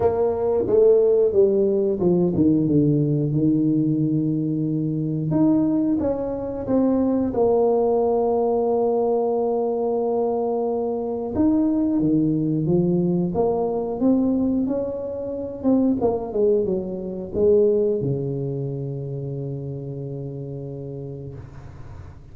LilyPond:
\new Staff \with { instrumentName = "tuba" } { \time 4/4 \tempo 4 = 90 ais4 a4 g4 f8 dis8 | d4 dis2. | dis'4 cis'4 c'4 ais4~ | ais1~ |
ais4 dis'4 dis4 f4 | ais4 c'4 cis'4. c'8 | ais8 gis8 fis4 gis4 cis4~ | cis1 | }